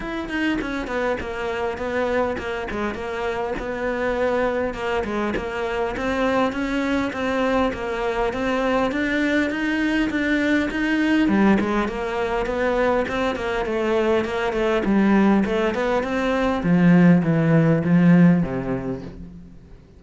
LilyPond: \new Staff \with { instrumentName = "cello" } { \time 4/4 \tempo 4 = 101 e'8 dis'8 cis'8 b8 ais4 b4 | ais8 gis8 ais4 b2 | ais8 gis8 ais4 c'4 cis'4 | c'4 ais4 c'4 d'4 |
dis'4 d'4 dis'4 g8 gis8 | ais4 b4 c'8 ais8 a4 | ais8 a8 g4 a8 b8 c'4 | f4 e4 f4 c4 | }